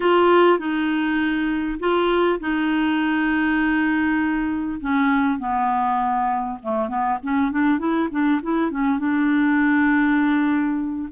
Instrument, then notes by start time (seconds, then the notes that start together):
clarinet
0.00 F4
0.58 D#4
1.79 F4
2.40 D#4
4.80 C#4
5.38 B3
6.62 A3
6.88 B3
7.22 C#4
7.51 D4
7.78 E4
8.10 D4
8.42 E4
8.71 C#4
8.98 D4